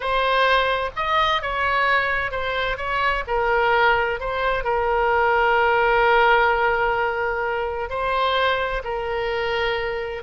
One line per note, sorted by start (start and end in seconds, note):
0.00 0.90 C5
0.96 1.41 D#5
1.41 2.31 C#5
2.31 2.77 C5
2.77 3.23 C#5
3.27 4.20 A#4
4.20 4.64 C5
4.64 7.89 A#4
7.89 8.82 C5
8.84 10.23 A#4